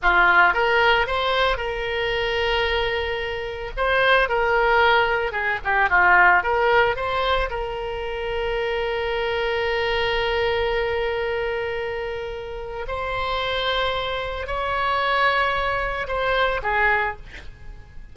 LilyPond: \new Staff \with { instrumentName = "oboe" } { \time 4/4 \tempo 4 = 112 f'4 ais'4 c''4 ais'4~ | ais'2. c''4 | ais'2 gis'8 g'8 f'4 | ais'4 c''4 ais'2~ |
ais'1~ | ais'1 | c''2. cis''4~ | cis''2 c''4 gis'4 | }